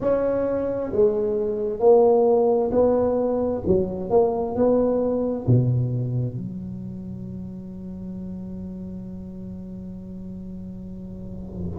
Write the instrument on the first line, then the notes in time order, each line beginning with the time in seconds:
tuba
0.00 C#4
0.92 G#3
1.79 A#3
2.71 B3
3.66 F#3
4.10 A#3
4.55 B3
5.46 B2
6.36 F#3